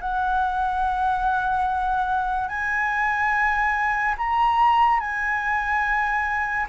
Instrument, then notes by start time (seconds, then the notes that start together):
flute
0.00 F#5
2.48 G#5
4.17 A#5
5.00 G#5